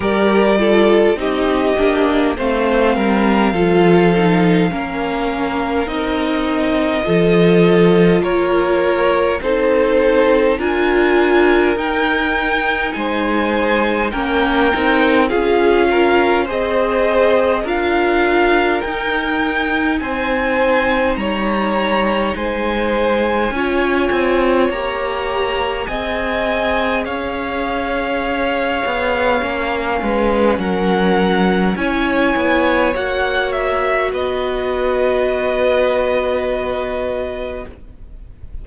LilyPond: <<
  \new Staff \with { instrumentName = "violin" } { \time 4/4 \tempo 4 = 51 d''4 dis''4 f''2~ | f''4 dis''2 cis''4 | c''4 gis''4 g''4 gis''4 | g''4 f''4 dis''4 f''4 |
g''4 gis''4 ais''4 gis''4~ | gis''4 ais''4 gis''4 f''4~ | f''2 fis''4 gis''4 | fis''8 e''8 dis''2. | }
  \new Staff \with { instrumentName = "violin" } { \time 4/4 ais'8 a'8 g'4 c''8 ais'8 a'4 | ais'2 a'4 ais'4 | a'4 ais'2 c''4 | ais'4 gis'8 ais'8 c''4 ais'4~ |
ais'4 c''4 cis''4 c''4 | cis''2 dis''4 cis''4~ | cis''4. b'8 ais'4 cis''4~ | cis''4 b'2. | }
  \new Staff \with { instrumentName = "viola" } { \time 4/4 g'8 f'8 dis'8 d'8 c'4 f'8 dis'8 | cis'4 dis'4 f'2 | dis'4 f'4 dis'2 | cis'8 dis'8 f'4 gis'4 f'4 |
dis'1 | f'4 g'4 gis'2~ | gis'4 cis'2 e'4 | fis'1 | }
  \new Staff \with { instrumentName = "cello" } { \time 4/4 g4 c'8 ais8 a8 g8 f4 | ais4 c'4 f4 ais4 | c'4 d'4 dis'4 gis4 | ais8 c'8 cis'4 c'4 d'4 |
dis'4 c'4 g4 gis4 | cis'8 c'8 ais4 c'4 cis'4~ | cis'8 b8 ais8 gis8 fis4 cis'8 b8 | ais4 b2. | }
>>